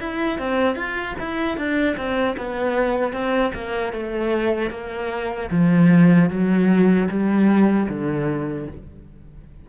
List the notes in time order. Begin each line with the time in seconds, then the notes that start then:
0.00 E4
0.38 C4
0.76 F4
1.19 E4
1.57 D4
1.97 C4
2.37 B3
3.13 C4
3.54 A#3
3.93 A3
4.70 A#3
5.51 F3
6.29 F#3
7.09 G3
7.89 D3